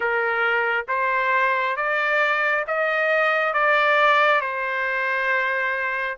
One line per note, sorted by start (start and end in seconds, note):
0.00 0.85 A#4
0.88 1.76 C5
1.76 2.64 D5
2.67 3.53 D#5
3.53 4.40 D5
4.40 6.17 C5